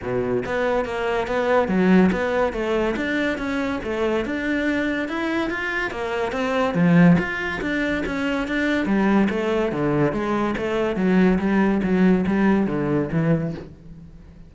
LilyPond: \new Staff \with { instrumentName = "cello" } { \time 4/4 \tempo 4 = 142 b,4 b4 ais4 b4 | fis4 b4 a4 d'4 | cis'4 a4 d'2 | e'4 f'4 ais4 c'4 |
f4 f'4 d'4 cis'4 | d'4 g4 a4 d4 | gis4 a4 fis4 g4 | fis4 g4 d4 e4 | }